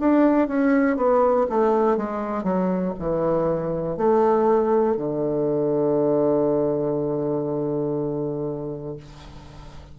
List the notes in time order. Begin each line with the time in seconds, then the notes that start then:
0.00 D4
0.48 C#4
0.97 B3
1.50 A3
1.97 G#3
2.44 F#3
3.00 E3
3.98 A3
4.97 D3